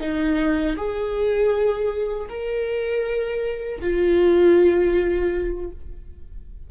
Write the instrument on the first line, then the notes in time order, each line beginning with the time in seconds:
viola
0.00 D#4
0.76 G#4
2.29 A#4
3.80 F4